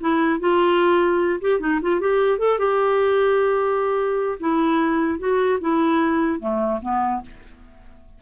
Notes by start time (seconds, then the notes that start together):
0.00 E4
0.39 F4
1.41 G4
1.59 D#4
1.81 F4
2.00 G4
2.38 A4
2.58 G4
4.40 E4
5.19 F#4
5.60 E4
6.39 A3
6.81 B3